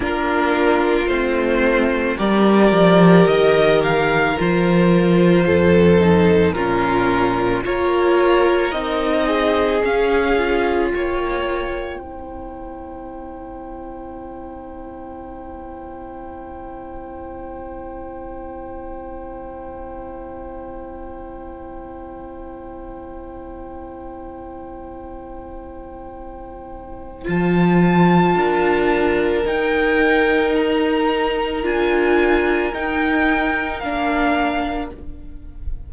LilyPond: <<
  \new Staff \with { instrumentName = "violin" } { \time 4/4 \tempo 4 = 55 ais'4 c''4 d''4 dis''8 f''8 | c''2 ais'4 cis''4 | dis''4 f''4 g''2~ | g''1~ |
g''1~ | g''1~ | g''4 a''2 g''4 | ais''4 gis''4 g''4 f''4 | }
  \new Staff \with { instrumentName = "violin" } { \time 4/4 f'2 ais'2~ | ais'4 a'4 f'4 ais'4~ | ais'8 gis'4. cis''4 c''4~ | c''1~ |
c''1~ | c''1~ | c''2 ais'2~ | ais'1 | }
  \new Staff \with { instrumentName = "viola" } { \time 4/4 d'4 c'4 g'2 | f'4. dis'8 cis'4 f'4 | dis'4 cis'8 f'4. e'4~ | e'1~ |
e'1~ | e'1~ | e'4 f'2 dis'4~ | dis'4 f'4 dis'4 d'4 | }
  \new Staff \with { instrumentName = "cello" } { \time 4/4 ais4 a4 g8 f8 dis4 | f4 f,4 ais,4 ais4 | c'4 cis'4 ais4 c'4~ | c'1~ |
c'1~ | c'1~ | c'4 f4 d'4 dis'4~ | dis'4 d'4 dis'4 ais4 | }
>>